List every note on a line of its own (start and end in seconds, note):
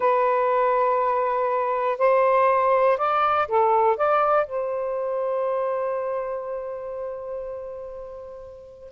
0.00 1.98 B4
1.98 2.97 C5
2.97 3.47 D5
3.48 3.96 A4
3.96 4.46 D5
4.46 8.91 C5